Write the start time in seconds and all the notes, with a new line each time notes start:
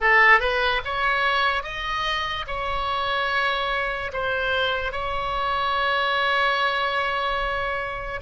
0.00 A4
0.40 B4
0.84 C#5
1.63 D#5
2.47 C#5
4.12 C5
4.92 C#5